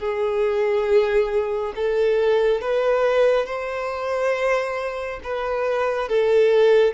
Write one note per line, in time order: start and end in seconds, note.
0.00 1.74 G#4
1.76 2.62 A4
2.62 3.47 B4
3.47 5.21 C5
5.24 6.09 B4
6.09 6.94 A4